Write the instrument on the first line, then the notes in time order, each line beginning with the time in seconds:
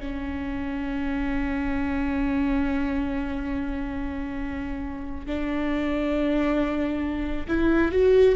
viola
0.00 C#4
5.26 D4
7.48 E4
7.92 F#4